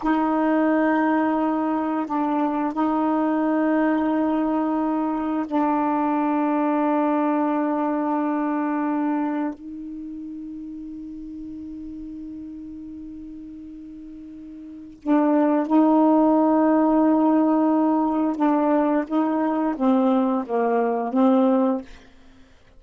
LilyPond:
\new Staff \with { instrumentName = "saxophone" } { \time 4/4 \tempo 4 = 88 dis'2. d'4 | dis'1 | d'1~ | d'2 dis'2~ |
dis'1~ | dis'2 d'4 dis'4~ | dis'2. d'4 | dis'4 c'4 ais4 c'4 | }